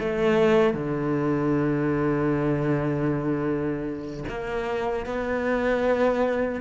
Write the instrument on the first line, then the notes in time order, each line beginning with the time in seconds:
cello
0.00 A3
0.74 D3
4.29 A#3
5.06 B3